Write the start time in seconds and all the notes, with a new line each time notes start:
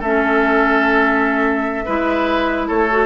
0.00 A3 C#4 A4 E5
1.86 G#3 E4 B4
2.68 A3 A4 C#5
2.91 F#4